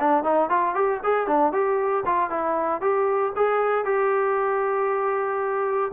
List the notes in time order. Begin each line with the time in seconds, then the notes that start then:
0.00 D4
0.24 D#4
0.50 F4
0.75 G4
1.04 G#4
1.28 D4
1.53 G4
2.06 F4
2.30 E4
2.81 G4
3.37 G#4
3.85 G4